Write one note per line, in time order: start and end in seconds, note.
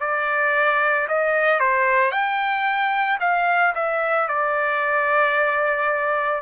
0.00 1.07 D5
1.08 1.60 D#5
1.60 2.11 C5
2.11 3.18 G5
3.20 3.74 F5
3.75 4.28 E5
4.28 6.42 D5